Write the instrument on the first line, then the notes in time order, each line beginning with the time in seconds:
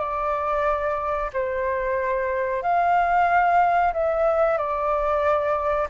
flute
0.00 D5
1.33 C5
2.63 F5
3.93 E5
4.58 D5